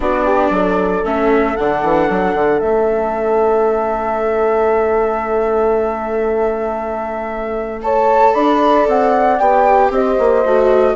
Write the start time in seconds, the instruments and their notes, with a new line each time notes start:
0.00 bassoon B3, viola D4, horn F#4, flute D5
0.25 horn G4
0.50 bassoon F#3, horn A4
1.04 bassoon A3, viola C#4, flute E5
1.56 bassoon D3, viola D4, flute F#5
1.82 bassoon E3
2.09 bassoon F#3
2.34 bassoon D3
2.59 bassoon A3, viola C#4, flute E5
7.81 viola A4, horn C#5, flute A5
8.34 bassoon D4, horn D5, flute B5
8.87 bassoon C4, flute F#5
9.38 bassoon B3, viola G4, flute G5
9.90 bassoon C4, horn C5, flute D#5
10.18 bassoon A#3
10.44 bassoon A3, viola F#4